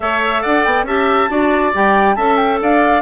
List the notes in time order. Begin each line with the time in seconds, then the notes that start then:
0.00 A3 A4 C#5 E5
0.42 D4 D5 F#5
0.63 B3 G5
0.83 C#4 G4 E5 A5
1.29 D4 F#4 D5
1.73 G3 G4 G5
2.15 C#4 A4 E5 A5
2.36 G5
2.61 D4 D5 F5